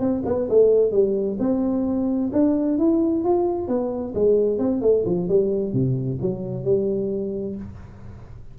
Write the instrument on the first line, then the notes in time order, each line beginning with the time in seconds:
tuba
0.00 C4
0.26 B3
0.50 A3
0.92 G3
1.39 C4
2.33 D4
2.79 E4
3.24 F4
3.68 B3
4.15 G#3
4.59 C4
4.82 A3
5.06 F3
5.29 G3
5.73 C3
6.21 F#3
6.64 G3